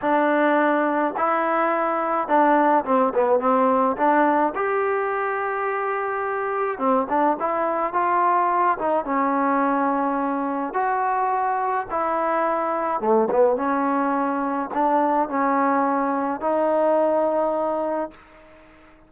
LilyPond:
\new Staff \with { instrumentName = "trombone" } { \time 4/4 \tempo 4 = 106 d'2 e'2 | d'4 c'8 b8 c'4 d'4 | g'1 | c'8 d'8 e'4 f'4. dis'8 |
cis'2. fis'4~ | fis'4 e'2 a8 b8 | cis'2 d'4 cis'4~ | cis'4 dis'2. | }